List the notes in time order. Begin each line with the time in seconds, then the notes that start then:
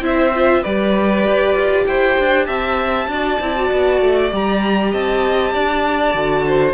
0.00 C4 E4 C5 E5
0.34 F4
0.62 G3 G4 B4 D5
1.27 G4
1.55 F4
1.87 E4 C5 G5
2.19 D4
2.45 C4 E5 A5
3.07 D4 F#4 D5
3.40 C4 E4
3.56 F#4
3.72 B3
4.01 A3
4.31 G3 G4 A#5
4.92 C4 D#5 A5
5.53 D4 D5
6.14 D3 F#4
6.47 C5